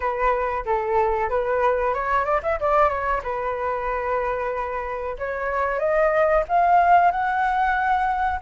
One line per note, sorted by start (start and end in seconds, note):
0.00 0.64 B4
0.65 1.29 A4
1.29 1.94 B4
1.94 2.24 C#5
2.24 2.40 D5
2.43 2.59 E5
2.60 2.89 D5
2.89 3.21 C#5
3.23 5.16 B4
5.18 5.79 C#5
5.79 6.43 D#5
6.48 7.11 F5
7.11 8.40 F#5